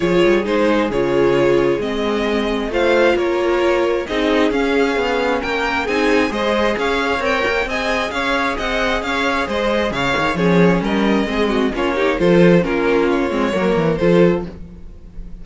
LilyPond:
<<
  \new Staff \with { instrumentName = "violin" } { \time 4/4 \tempo 4 = 133 cis''4 c''4 cis''2 | dis''2 f''4 cis''4~ | cis''4 dis''4 f''2 | g''4 gis''4 dis''4 f''4 |
g''4 gis''4 f''4 fis''4 | f''4 dis''4 f''4 cis''4 | dis''2 cis''4 c''4 | ais'4 cis''2 c''4 | }
  \new Staff \with { instrumentName = "violin" } { \time 4/4 gis'1~ | gis'2 c''4 ais'4~ | ais'4 gis'2. | ais'4 gis'4 c''4 cis''4~ |
cis''4 dis''4 cis''4 dis''4 | cis''4 c''4 cis''4 gis'4 | ais'4 gis'8 fis'8 f'8 g'8 a'4 | f'2 ais'4 a'4 | }
  \new Staff \with { instrumentName = "viola" } { \time 4/4 f'4 dis'4 f'2 | c'2 f'2~ | f'4 dis'4 cis'2~ | cis'4 dis'4 gis'2 |
ais'4 gis'2.~ | gis'2. cis'4~ | cis'4 c'4 cis'8 dis'8 f'4 | cis'4. c'8 ais4 f'4 | }
  \new Staff \with { instrumentName = "cello" } { \time 4/4 f8 g8 gis4 cis2 | gis2 a4 ais4~ | ais4 c'4 cis'4 b4 | ais4 c'4 gis4 cis'4 |
c'8 ais8 c'4 cis'4 c'4 | cis'4 gis4 cis8 dis8 f4 | g4 gis4 ais4 f4 | ais4. gis8 fis8 e8 f4 | }
>>